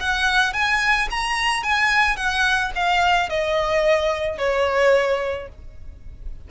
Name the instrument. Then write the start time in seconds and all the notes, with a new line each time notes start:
violin
0.00 F#5
0.53 G#5
1.10 A#5
1.63 G#5
2.16 F#5
2.75 F5
3.30 D#5
4.38 C#5